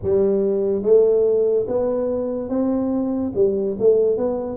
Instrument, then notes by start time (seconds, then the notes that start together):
tuba
0.02 G3
0.82 A3
1.67 B3
2.49 C4
3.34 G3
3.79 A3
4.17 B3